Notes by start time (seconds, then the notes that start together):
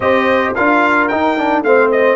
0.00 C4 G4 C5 D#5
0.55 D4 F4 A#4 F5
1.08 D#4 G5
1.37 D4
1.62 A3 C4 C5 F5
1.91 D#5